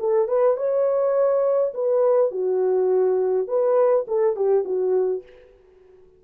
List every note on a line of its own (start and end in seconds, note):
0.00 0.29 A4
0.29 0.57 B4
0.57 1.74 C#5
1.74 2.32 B4
2.32 3.48 F#4
3.48 4.06 B4
4.08 4.36 A4
4.36 4.65 G4
4.65 5.23 F#4